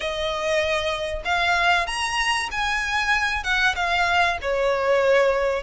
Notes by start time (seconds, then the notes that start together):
0.00 D#5
1.24 F5
1.86 A#5
2.51 G#5
3.43 F#5
3.75 F5
4.41 C#5